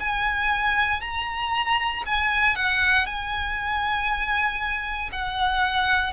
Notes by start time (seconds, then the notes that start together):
0.00 G#5
1.01 A#5
2.06 G#5
2.56 F#5
3.06 G#5
5.13 F#5